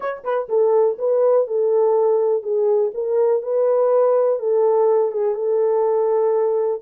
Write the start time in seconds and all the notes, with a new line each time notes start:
0.00 C#5
0.24 B4
0.49 A4
0.98 B4
1.47 A4
2.42 G#4
2.94 A#4
3.42 B4
4.39 A4
5.11 G#4
5.34 A4